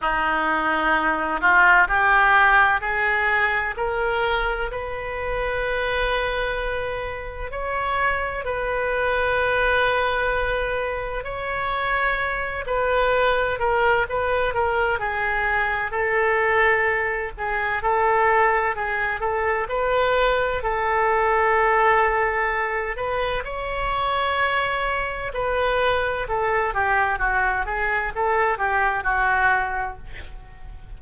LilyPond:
\new Staff \with { instrumentName = "oboe" } { \time 4/4 \tempo 4 = 64 dis'4. f'8 g'4 gis'4 | ais'4 b'2. | cis''4 b'2. | cis''4. b'4 ais'8 b'8 ais'8 |
gis'4 a'4. gis'8 a'4 | gis'8 a'8 b'4 a'2~ | a'8 b'8 cis''2 b'4 | a'8 g'8 fis'8 gis'8 a'8 g'8 fis'4 | }